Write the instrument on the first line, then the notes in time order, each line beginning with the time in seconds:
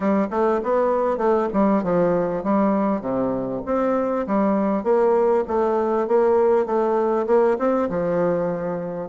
bassoon
0.00 G3
0.30 A3
0.63 B3
1.17 A3
1.53 G3
1.83 F3
2.43 G3
3.01 C3
3.65 C4
4.26 G3
4.83 A#3
5.47 A3
6.07 A#3
6.66 A3
7.26 A#3
7.58 C4
7.89 F3